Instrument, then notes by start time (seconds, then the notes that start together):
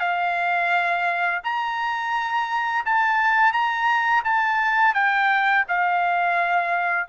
trumpet
0.00 F5
1.44 A#5
2.86 A5
3.53 A#5
4.24 A5
4.94 G5
5.69 F5